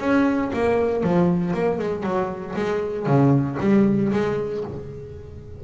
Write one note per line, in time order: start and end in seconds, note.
0.00 0.51 C#4
0.53 1.03 A#3
1.03 1.54 F3
1.54 1.79 A#3
1.79 2.03 G#3
2.03 2.55 F#3
2.56 3.07 G#3
3.07 3.58 C#3
3.60 4.12 G3
4.13 4.64 G#3